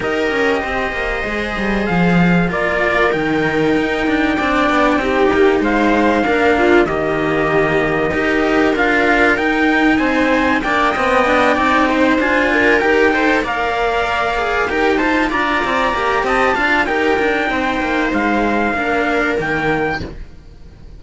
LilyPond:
<<
  \new Staff \with { instrumentName = "trumpet" } { \time 4/4 \tempo 4 = 96 dis''2. f''4 | d''4 g''2.~ | g''4 f''2 dis''4~ | dis''2 f''4 g''4 |
gis''4 g''2~ g''8 gis''8~ | gis''8 g''4 f''2 g''8 | a''8 ais''4. a''4 g''4~ | g''4 f''2 g''4 | }
  \new Staff \with { instrumentName = "viola" } { \time 4/4 ais'4 c''2. | ais'2. d''4 | g'4 c''4 ais'8 f'8 g'4~ | g'4 ais'2. |
c''4 d''8 dis''4 d''8 c''4 | ais'4 c''8 d''2 ais'8 | c''8 d''4. dis''8 f''8 ais'4 | c''2 ais'2 | }
  \new Staff \with { instrumentName = "cello" } { \time 4/4 g'2 gis'2 | f'4 dis'2 d'4 | dis'2 d'4 ais4~ | ais4 g'4 f'4 dis'4~ |
dis'4 d'8 c'8 d'8 dis'4 f'8~ | f'8 g'8 a'8 ais'4. gis'8 g'8 | f'4. g'4 f'8 g'8 dis'8~ | dis'2 d'4 ais4 | }
  \new Staff \with { instrumentName = "cello" } { \time 4/4 dis'8 cis'8 c'8 ais8 gis8 g8 f4 | ais4 dis4 dis'8 d'8 c'8 b8 | c'8 ais8 gis4 ais4 dis4~ | dis4 dis'4 d'4 dis'4 |
c'4 ais8 b4 c'4 d'8~ | d'8 dis'4 ais2 dis'8~ | dis'8 d'8 c'8 ais8 c'8 d'8 dis'8 d'8 | c'8 ais8 gis4 ais4 dis4 | }
>>